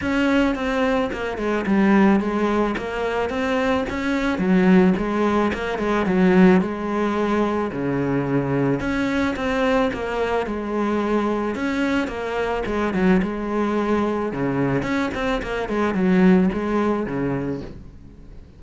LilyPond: \new Staff \with { instrumentName = "cello" } { \time 4/4 \tempo 4 = 109 cis'4 c'4 ais8 gis8 g4 | gis4 ais4 c'4 cis'4 | fis4 gis4 ais8 gis8 fis4 | gis2 cis2 |
cis'4 c'4 ais4 gis4~ | gis4 cis'4 ais4 gis8 fis8 | gis2 cis4 cis'8 c'8 | ais8 gis8 fis4 gis4 cis4 | }